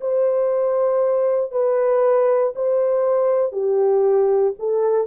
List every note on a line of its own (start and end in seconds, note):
0.00 1.51 C5
1.51 2.53 B4
2.55 3.52 C5
3.52 4.53 G4
4.59 5.07 A4